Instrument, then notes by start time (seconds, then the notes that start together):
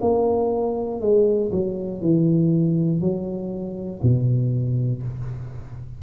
tuba
0.00 A#3
1.00 G#3
1.51 F#3
2.00 E3
3.00 F#3
4.02 B2